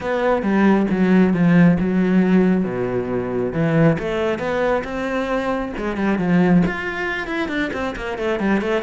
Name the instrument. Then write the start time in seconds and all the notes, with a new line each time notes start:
cello
0.00 B3
0.42 G3
0.90 F#3
1.33 F3
1.79 F#3
2.64 B2
3.53 E3
3.98 A3
4.38 B3
4.84 C4
5.77 G#3
5.96 G3
6.18 F3
6.65 F4
7.27 E4
7.48 D4
7.73 C4
7.96 A#3
8.17 A3
8.39 G3
8.61 A3